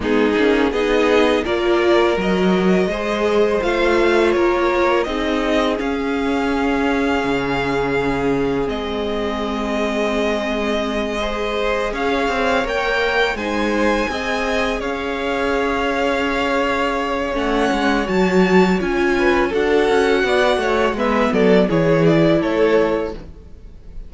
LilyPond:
<<
  \new Staff \with { instrumentName = "violin" } { \time 4/4 \tempo 4 = 83 gis'4 dis''4 d''4 dis''4~ | dis''4 f''4 cis''4 dis''4 | f''1 | dis''1~ |
dis''8 f''4 g''4 gis''4.~ | gis''8 f''2.~ f''8 | fis''4 a''4 gis''4 fis''4~ | fis''4 e''8 d''8 cis''8 d''8 cis''4 | }
  \new Staff \with { instrumentName = "violin" } { \time 4/4 dis'4 gis'4 ais'2 | c''2 ais'4 gis'4~ | gis'1~ | gis'2.~ gis'8 c''8~ |
c''8 cis''2 c''4 dis''8~ | dis''8 cis''2.~ cis''8~ | cis''2~ cis''8 b'8 a'4 | d''8 cis''8 b'8 a'8 gis'4 a'4 | }
  \new Staff \with { instrumentName = "viola" } { \time 4/4 b8 cis'8 dis'4 f'4 fis'4 | gis'4 f'2 dis'4 | cis'1 | c'2.~ c'8 gis'8~ |
gis'4. ais'4 dis'4 gis'8~ | gis'1 | cis'4 fis'4 f'4 fis'4~ | fis'4 b4 e'2 | }
  \new Staff \with { instrumentName = "cello" } { \time 4/4 gis8 ais8 b4 ais4 fis4 | gis4 a4 ais4 c'4 | cis'2 cis2 | gis1~ |
gis8 cis'8 c'8 ais4 gis4 c'8~ | c'8 cis'2.~ cis'8 | a8 gis8 fis4 cis'4 d'8 cis'8 | b8 a8 gis8 fis8 e4 a4 | }
>>